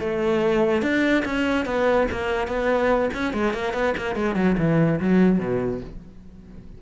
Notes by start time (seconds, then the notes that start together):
0.00 A3
0.83 D4
1.25 C#4
1.66 B3
2.12 A#3
2.48 B3
3.14 C#4
3.34 G#3
3.54 A#3
3.74 B3
3.98 A#3
4.16 G#3
4.36 F#3
4.58 E3
5.00 F#3
5.39 B2